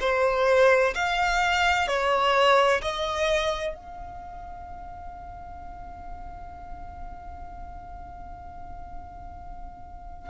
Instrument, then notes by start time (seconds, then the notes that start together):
violin
0.00 C5
0.95 F5
1.87 C#5
2.82 D#5
3.75 F5